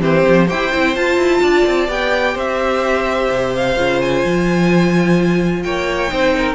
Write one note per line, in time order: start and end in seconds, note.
0.00 0.24 E3
0.00 0.47 C4
0.00 0.47 G4
0.00 0.49 C5
0.28 0.51 F3
0.47 0.74 E4
0.47 0.71 G4
0.47 1.41 C5
0.47 0.96 G5
0.73 0.96 C4
0.73 0.96 E4
0.96 1.88 F4
0.96 1.17 F4
0.96 1.90 A5
1.17 1.41 E4
1.42 1.65 D4
1.42 2.34 D5
1.66 1.89 C4
1.88 2.35 B3
1.88 3.76 G4
1.88 2.38 G5
2.34 3.29 C4
2.34 5.63 C5
2.34 3.55 E5
3.30 3.77 C3
3.56 4.02 F5
3.77 4.24 C#3
3.77 6.09 F4
4.02 5.63 G#5
4.25 5.65 F3
5.63 6.12 A#3
5.63 6.12 C#5
5.63 6.55 G5
6.09 6.55 C4
6.09 6.55 D#4
6.09 6.36 C5
6.37 6.55 A#4